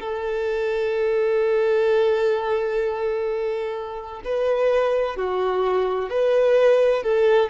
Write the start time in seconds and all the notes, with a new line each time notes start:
0.00 A4
4.25 B4
5.16 F#4
6.10 B4
7.03 A4